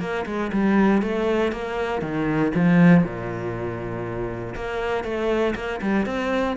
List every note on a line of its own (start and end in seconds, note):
0.00 0.25 A#3
0.26 0.51 G#3
0.52 1.02 G3
1.02 1.52 A3
1.52 2.02 A#3
2.02 2.52 D#3
2.55 3.03 F3
3.03 4.55 A#2
4.55 5.04 A#3
5.04 5.54 A3
5.55 5.80 A#3
5.82 6.06 G3
6.06 6.56 C4